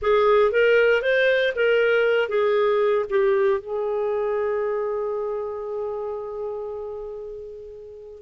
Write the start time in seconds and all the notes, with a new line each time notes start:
0.02 G#4
0.51 A#4
1.02 C5
1.55 A#4
2.28 G#4
3.09 G4
3.60 G#4